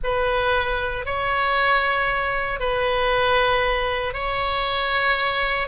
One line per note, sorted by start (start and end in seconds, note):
0.03 1.05 B4
1.05 2.59 C#5
2.59 4.13 B4
4.13 5.67 C#5